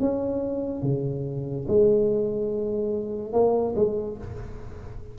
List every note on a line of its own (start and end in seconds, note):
0.00 0.83 C#4
0.83 1.66 C#3
1.68 3.33 G#3
3.33 3.75 A#3
3.76 4.17 G#3